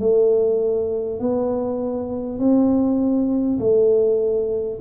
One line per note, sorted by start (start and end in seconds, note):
0.00 1.20 A3
1.20 2.39 B3
2.39 3.59 C4
3.59 4.79 A3